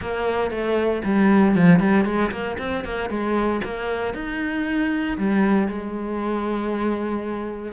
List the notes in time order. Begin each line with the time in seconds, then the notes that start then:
0.01 A#3
0.50 A3
1.04 G3
1.55 F3
1.79 G3
2.05 G#3
2.31 A#3
2.58 C4
2.84 A#3
3.09 G#3
3.63 A#3
4.14 D#4
5.17 G3
5.68 G#3